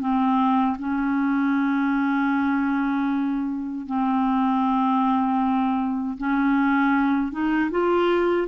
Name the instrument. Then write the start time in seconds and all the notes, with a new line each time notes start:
clarinet
0.00 C4
0.79 C#4
3.86 C4
6.17 C#4
7.32 D#4
7.71 F4